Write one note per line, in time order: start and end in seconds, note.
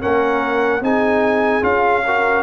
0.00 0.81 A#3
0.00 0.81 C#4
0.00 0.81 A#4
0.00 0.83 F#5
0.81 1.62 C4
0.81 1.61 D#4
0.81 2.04 G#4
0.81 1.63 G#5
1.61 2.43 C#4
1.61 2.02 F4
1.61 2.43 F5
2.04 2.43 F#4
2.04 2.43 A#4